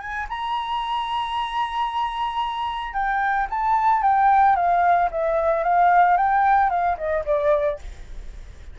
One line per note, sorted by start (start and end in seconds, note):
0.00 0.27 G#5
0.29 2.94 A#5
2.94 3.47 G5
3.50 4.03 A5
4.03 4.56 G5
4.56 5.09 F5
5.11 5.63 E5
5.63 6.17 F5
6.17 6.70 G5
6.70 6.97 F5
6.97 7.24 D#5
7.25 7.79 D5